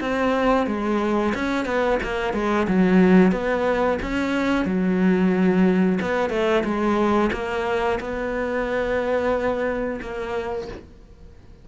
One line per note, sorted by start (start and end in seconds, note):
0.00 0.67 C4
0.67 1.33 G#3
1.35 1.65 C#4
1.65 1.98 B3
2.03 2.33 A#3
2.33 2.67 G#3
2.68 3.32 F#3
3.32 3.98 B3
4.02 4.65 C#4
4.65 5.99 F#3
6.02 6.30 B3
6.30 6.63 A3
6.64 7.31 G#3
7.32 7.99 A#3
8.00 10.00 B3
10.02 10.68 A#3